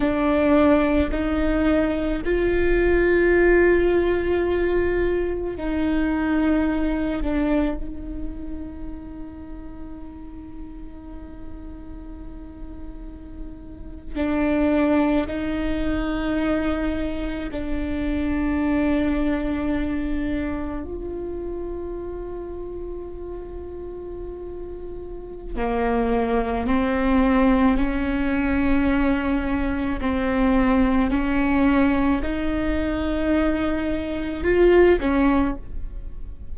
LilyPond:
\new Staff \with { instrumentName = "viola" } { \time 4/4 \tempo 4 = 54 d'4 dis'4 f'2~ | f'4 dis'4. d'8 dis'4~ | dis'1~ | dis'8. d'4 dis'2 d'16~ |
d'2~ d'8. f'4~ f'16~ | f'2. ais4 | c'4 cis'2 c'4 | cis'4 dis'2 f'8 cis'8 | }